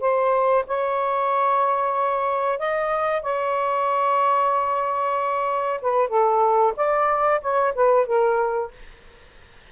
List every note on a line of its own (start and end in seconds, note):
0.00 0.65 C5
0.66 2.59 C#5
2.59 3.22 D#5
3.22 5.80 C#5
5.82 6.08 B4
6.08 6.73 A4
6.76 7.40 D5
7.41 7.73 C#5
7.74 8.06 B4
8.06 8.71 A#4